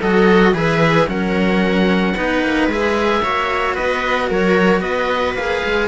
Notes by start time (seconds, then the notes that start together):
0.00 F#3 F#4 A4 D#5
0.53 E3 G#4 B4 E5
1.07 F#3 C#4 A#4 F#5
2.16 B3 D#4 B4
2.43 A#3
2.68 G#3 G#4 E5
3.23 A#3 F#4 C#5
3.75 B3 B4 D#5
4.30 F#3 A#4 C#5
4.81 B3 B4 D#5
5.34 A#3 G#4 F5
5.65 G#3